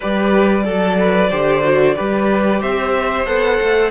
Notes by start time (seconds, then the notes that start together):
0.00 G3 G4 B4 D5
0.64 F#3 A4
0.99 B4
1.30 D3 G4 C5
1.62 F#4
1.95 G3 G4 B4
2.60 C4 C5 E5
3.25 B3 A4 F#5
3.60 A3